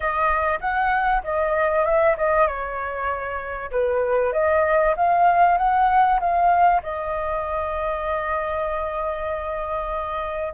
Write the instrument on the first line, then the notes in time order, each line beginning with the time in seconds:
flute
0.00 D#5
0.60 F#5
1.23 D#5
1.85 E5
2.17 D#5
2.47 C#5
3.71 B4
4.32 D#5
4.96 F5
5.57 F#5
6.19 F5
6.82 D#5